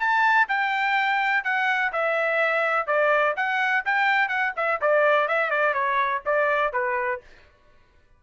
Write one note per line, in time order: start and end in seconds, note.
0.00 0.48 A5
0.49 1.44 G5
1.44 1.92 F#5
1.93 2.87 E5
2.87 3.35 D5
3.37 3.85 F#5
3.86 4.29 G5
4.29 4.53 F#5
4.57 4.81 E5
4.81 5.28 D5
5.28 5.51 E5
5.51 5.74 D5
5.74 6.22 C#5
6.26 6.73 D5
6.73 7.21 B4